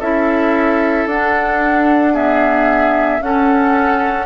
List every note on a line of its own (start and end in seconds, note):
0.00 1.06 C#4
0.00 1.09 E4
0.00 2.14 A4
0.00 1.08 E5
1.06 3.21 D4
1.06 2.14 D4
1.06 2.15 F#5
2.14 3.21 B3
2.14 3.21 G#4
2.14 3.22 E5
3.21 4.26 C#4
3.21 4.26 A4
3.21 4.26 F#5